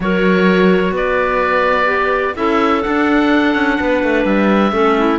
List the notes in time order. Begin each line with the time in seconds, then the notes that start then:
0.00 F#3 F#4 A#4 C#5
0.91 B3 B4 D5
1.85 G4
2.35 C#4 E4 A4 E5
2.82 D4 F#5
3.54 C#4
3.79 B3 B4
4.03 A3
4.25 G3 E5
4.71 A3 C#4 A4
4.97 E4